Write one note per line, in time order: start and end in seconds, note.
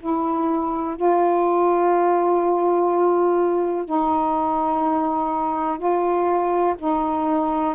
0.00 0.97 E4
0.97 3.86 F4
3.86 5.79 D#4
5.79 6.76 F4
6.79 7.76 D#4